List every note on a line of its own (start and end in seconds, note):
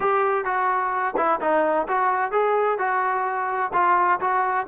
0.00 0.44 G4
0.44 1.14 F#4
1.16 1.40 E4
1.40 1.87 D#4
1.88 2.31 F#4
2.31 2.78 G#4
2.78 3.71 F#4
3.73 4.19 F4
4.20 4.67 F#4